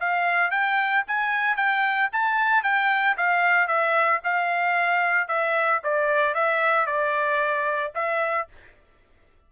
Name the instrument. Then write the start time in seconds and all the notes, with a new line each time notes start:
trumpet
0.00 F5
0.51 G5
1.07 G#5
1.56 G5
2.12 A5
2.63 G5
3.17 F5
3.68 E5
4.24 F5
5.28 E5
5.84 D5
6.35 E5
6.86 D5
7.95 E5